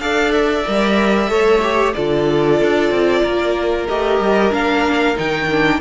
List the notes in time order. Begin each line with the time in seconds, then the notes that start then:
0.00 D4 A4 D5 F5
0.31 E5
0.66 G3 A#4
1.28 A3 A4 C#5
1.62 G4
1.94 D3 F4 A4 D5
2.61 D4
2.90 C4
3.23 A#3 A#4
3.88 A3 G4 D#5
4.20 G3
4.51 A#3 D4 F5
5.16 D#3 D#4 G5
5.51 D4